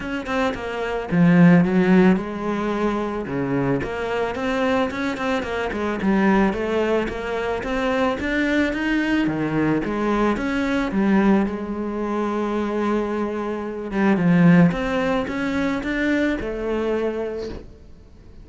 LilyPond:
\new Staff \with { instrumentName = "cello" } { \time 4/4 \tempo 4 = 110 cis'8 c'8 ais4 f4 fis4 | gis2 cis4 ais4 | c'4 cis'8 c'8 ais8 gis8 g4 | a4 ais4 c'4 d'4 |
dis'4 dis4 gis4 cis'4 | g4 gis2.~ | gis4. g8 f4 c'4 | cis'4 d'4 a2 | }